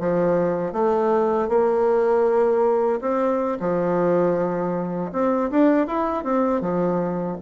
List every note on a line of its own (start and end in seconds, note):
0.00 0.73 F3
0.73 1.49 A3
1.49 3.01 A#3
3.01 3.58 C4
3.60 5.12 F3
5.12 5.50 C4
5.51 5.87 D4
5.87 6.24 E4
6.24 6.61 C4
6.61 7.37 F3